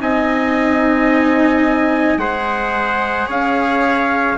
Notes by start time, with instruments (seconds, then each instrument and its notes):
0.00 bassoon C4, cello D#4, trumpet D#5 G#5
2.17 bassoon G#3, cello G#4, trumpet C5 F#5
3.27 bassoon C#4, trumpet C#5 F5